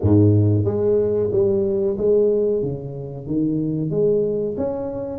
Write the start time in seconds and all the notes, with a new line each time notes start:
0.01 G#2
0.64 G#3
1.32 G3
1.97 G#3
2.62 C#3
3.26 D#3
3.90 G#3
4.57 C#4